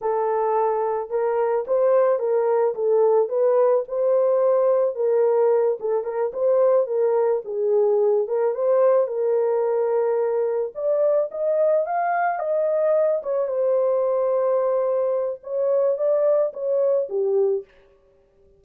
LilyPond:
\new Staff \with { instrumentName = "horn" } { \time 4/4 \tempo 4 = 109 a'2 ais'4 c''4 | ais'4 a'4 b'4 c''4~ | c''4 ais'4. a'8 ais'8 c''8~ | c''8 ais'4 gis'4. ais'8 c''8~ |
c''8 ais'2. d''8~ | d''8 dis''4 f''4 dis''4. | cis''8 c''2.~ c''8 | cis''4 d''4 cis''4 g'4 | }